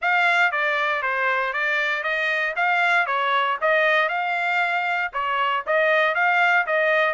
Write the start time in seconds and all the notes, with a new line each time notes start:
0.01 F5
0.51 D5
1.02 C5
1.53 D5
2.03 D#5
2.56 F5
3.06 C#5
3.61 D#5
4.09 F5
5.13 C#5
5.66 D#5
6.14 F5
6.66 D#5